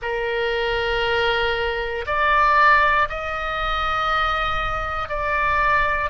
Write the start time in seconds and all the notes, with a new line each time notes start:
0.01 A#4
2.06 D5
3.09 D#5
5.08 D5